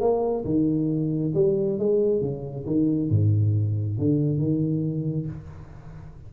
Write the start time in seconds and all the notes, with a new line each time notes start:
0.00 A#3
0.45 D#3
1.34 G3
1.78 G#3
2.21 C#3
2.66 D#3
3.10 G#2
3.98 D3
4.38 D#3